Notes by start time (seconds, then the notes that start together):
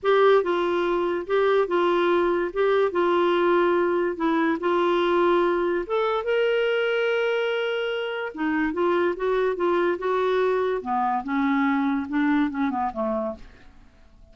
0.02 G4
0.43 F4
1.27 G4
1.67 F4
2.53 G4
2.91 F4
4.16 E4
4.60 F4
5.86 A4
6.23 A#4
8.34 D#4
8.73 F4
9.16 F#4
9.56 F4
9.98 F#4
10.81 B3
11.23 C#4
12.09 D4
12.50 C#4
12.70 B3
12.93 A3